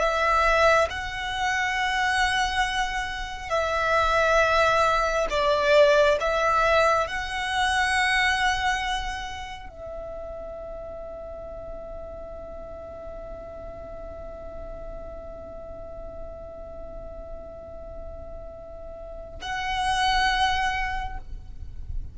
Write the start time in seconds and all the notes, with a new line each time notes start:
0.00 E5
0.90 F#5
3.50 E5
5.30 D5
6.20 E5
7.07 F#5
9.69 E5
19.42 F#5